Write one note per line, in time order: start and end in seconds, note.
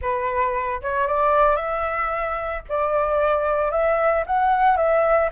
0.01 0.81 B4
0.81 1.07 C#5
1.07 1.55 D5
1.55 2.62 E5
2.68 3.71 D5
3.71 4.24 E5
4.26 4.76 F#5
4.76 5.29 E5